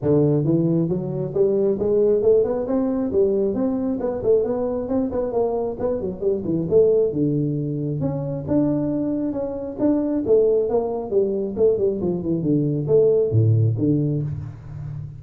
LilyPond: \new Staff \with { instrumentName = "tuba" } { \time 4/4 \tempo 4 = 135 d4 e4 fis4 g4 | gis4 a8 b8 c'4 g4 | c'4 b8 a8 b4 c'8 b8 | ais4 b8 fis8 g8 e8 a4 |
d2 cis'4 d'4~ | d'4 cis'4 d'4 a4 | ais4 g4 a8 g8 f8 e8 | d4 a4 a,4 d4 | }